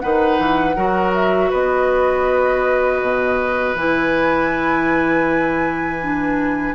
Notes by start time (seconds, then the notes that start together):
0.00 D#3 D#4 B4 F#5
0.39 E3
0.76 F#3 F#4 A#4
1.14 E5
1.50 B3 B4 D#5
3.02 B2
3.75 E3 E4 G#5
6.02 D4